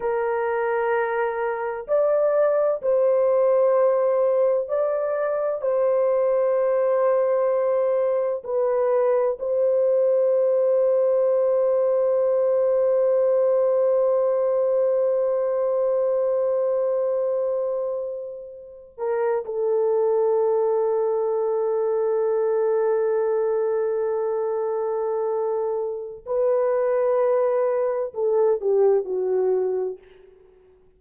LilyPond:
\new Staff \with { instrumentName = "horn" } { \time 4/4 \tempo 4 = 64 ais'2 d''4 c''4~ | c''4 d''4 c''2~ | c''4 b'4 c''2~ | c''1~ |
c''1~ | c''16 ais'8 a'2.~ a'16~ | a'1 | b'2 a'8 g'8 fis'4 | }